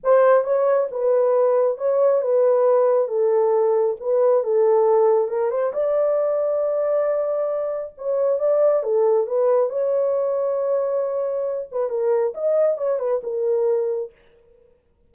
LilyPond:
\new Staff \with { instrumentName = "horn" } { \time 4/4 \tempo 4 = 136 c''4 cis''4 b'2 | cis''4 b'2 a'4~ | a'4 b'4 a'2 | ais'8 c''8 d''2.~ |
d''2 cis''4 d''4 | a'4 b'4 cis''2~ | cis''2~ cis''8 b'8 ais'4 | dis''4 cis''8 b'8 ais'2 | }